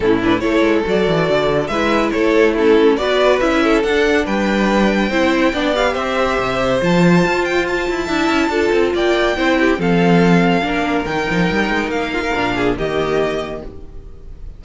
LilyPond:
<<
  \new Staff \with { instrumentName = "violin" } { \time 4/4 \tempo 4 = 141 a'8 b'8 cis''4 d''2 | e''4 cis''4 a'4 d''4 | e''4 fis''4 g''2~ | g''4. f''8 e''2 |
a''4. g''8 a''2~ | a''4 g''2 f''4~ | f''2 g''2 | f''2 dis''2 | }
  \new Staff \with { instrumentName = "violin" } { \time 4/4 e'4 a'2. | b'4 a'4 e'4 b'4~ | b'8 a'4. b'2 | c''4 d''4 c''2~ |
c''2. e''4 | a'4 d''4 c''8 g'8 a'4~ | a'4 ais'2.~ | ais'8 f'16 ais'8. gis'8 g'2 | }
  \new Staff \with { instrumentName = "viola" } { \time 4/4 cis'8 d'8 e'4 fis'2 | e'2 cis'4 fis'4 | e'4 d'2. | e'4 d'8 g'2~ g'8 |
f'2. e'4 | f'2 e'4 c'4~ | c'4 d'4 dis'2~ | dis'4 d'4 ais2 | }
  \new Staff \with { instrumentName = "cello" } { \time 4/4 a,4 a8 gis8 fis8 e8 d4 | gis4 a2 b4 | cis'4 d'4 g2 | c'4 b4 c'4 c4 |
f4 f'4. e'8 d'8 cis'8 | d'8 c'8 ais4 c'4 f4~ | f4 ais4 dis8 f8 g8 gis8 | ais4 ais,4 dis2 | }
>>